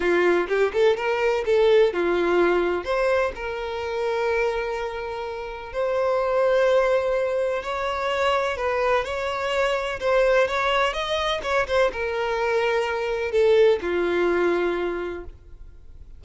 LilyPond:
\new Staff \with { instrumentName = "violin" } { \time 4/4 \tempo 4 = 126 f'4 g'8 a'8 ais'4 a'4 | f'2 c''4 ais'4~ | ais'1 | c''1 |
cis''2 b'4 cis''4~ | cis''4 c''4 cis''4 dis''4 | cis''8 c''8 ais'2. | a'4 f'2. | }